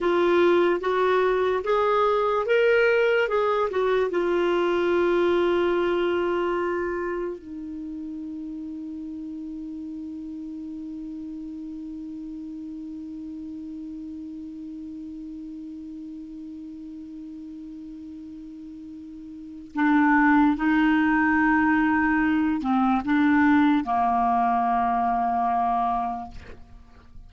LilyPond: \new Staff \with { instrumentName = "clarinet" } { \time 4/4 \tempo 4 = 73 f'4 fis'4 gis'4 ais'4 | gis'8 fis'8 f'2.~ | f'4 dis'2.~ | dis'1~ |
dis'1~ | dis'1 | d'4 dis'2~ dis'8 c'8 | d'4 ais2. | }